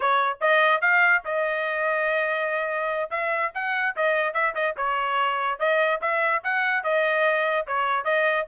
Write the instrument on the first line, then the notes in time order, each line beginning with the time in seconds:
trumpet
0.00 C#5
0.40 D#5
0.81 F5
1.25 D#5
3.10 E5
3.54 F#5
3.96 D#5
4.33 E5
4.54 D#5
4.76 C#5
5.59 D#5
6.01 E5
6.43 F#5
6.83 D#5
7.67 C#5
8.04 D#5